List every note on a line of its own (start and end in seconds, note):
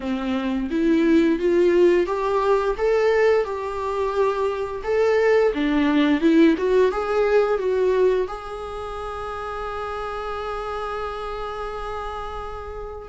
0.00 0.69 C4
0.70 1.39 E4
1.39 2.06 F4
2.06 2.75 G4
2.77 3.44 A4
3.44 4.82 G4
4.83 5.52 A4
5.54 6.20 D4
6.20 6.55 E4
6.57 6.91 F#4
6.91 7.58 G#4
7.58 8.27 F#4
8.27 13.08 G#4